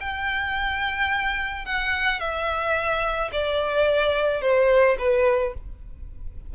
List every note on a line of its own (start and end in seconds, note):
0.00 1.65 G5
1.65 2.19 F#5
2.19 3.30 E5
3.32 4.41 D5
4.41 4.96 C5
4.98 5.54 B4